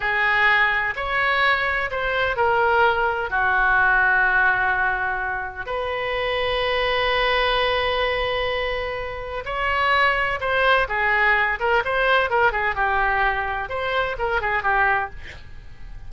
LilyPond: \new Staff \with { instrumentName = "oboe" } { \time 4/4 \tempo 4 = 127 gis'2 cis''2 | c''4 ais'2 fis'4~ | fis'1 | b'1~ |
b'1 | cis''2 c''4 gis'4~ | gis'8 ais'8 c''4 ais'8 gis'8 g'4~ | g'4 c''4 ais'8 gis'8 g'4 | }